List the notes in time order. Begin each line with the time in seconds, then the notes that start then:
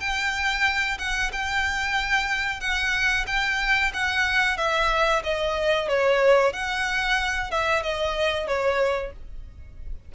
0.00 G5
0.98 F#5
1.32 G5
2.60 F#5
3.27 G5
3.93 F#5
4.57 E5
5.23 D#5
5.88 C#5
6.52 F#5
7.51 E5
7.83 D#5
8.47 C#5